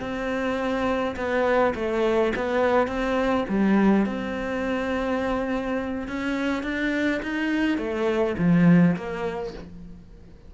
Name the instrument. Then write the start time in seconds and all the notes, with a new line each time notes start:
cello
0.00 C4
1.16 B3
1.75 A3
2.36 B3
2.87 C4
3.49 G3
4.06 C4
6.08 C#4
6.63 D4
7.22 D#4
7.78 A3
8.38 F3
8.96 A#3